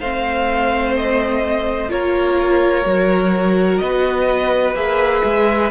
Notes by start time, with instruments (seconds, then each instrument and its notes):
0.00 cello A3, viola C4, violin C5 F5
0.97 violin D#5
1.89 cello A#3, viola F4, violin A#4 C#5
2.86 cello F#3, viola F#4
3.78 cello B3, violin B4 D#5
4.74 cello A#3, viola G#4, violin E5
5.24 cello G#3